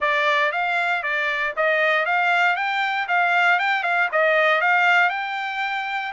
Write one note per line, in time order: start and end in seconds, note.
0.00 0.52 D5
0.52 1.02 F5
1.02 1.54 D5
1.56 2.05 D#5
2.05 2.55 F5
2.55 3.07 G5
3.07 3.59 F5
3.59 3.83 G5
3.83 4.08 F5
4.12 4.61 D#5
4.61 5.09 F5
5.09 6.12 G5